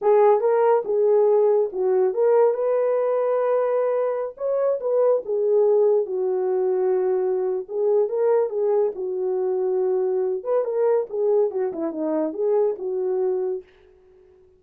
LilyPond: \new Staff \with { instrumentName = "horn" } { \time 4/4 \tempo 4 = 141 gis'4 ais'4 gis'2 | fis'4 ais'4 b'2~ | b'2~ b'16 cis''4 b'8.~ | b'16 gis'2 fis'4.~ fis'16~ |
fis'2 gis'4 ais'4 | gis'4 fis'2.~ | fis'8 b'8 ais'4 gis'4 fis'8 e'8 | dis'4 gis'4 fis'2 | }